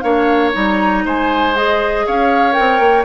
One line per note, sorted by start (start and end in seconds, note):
0.00 0.54 A#3
0.00 0.53 D4
0.00 1.05 C#5
0.00 0.50 F5
0.53 1.05 G3
0.53 1.54 D#4
0.53 1.06 A#5
1.05 2.06 G#3
1.05 2.06 C5
1.05 1.56 G#5
1.56 2.53 G#4
1.56 2.07 D#5
2.07 2.59 C#4
2.07 3.05 C#5
2.07 2.54 F5
2.53 3.03 A#4
2.53 3.04 G5
2.59 2.80 C4
2.80 3.05 A#3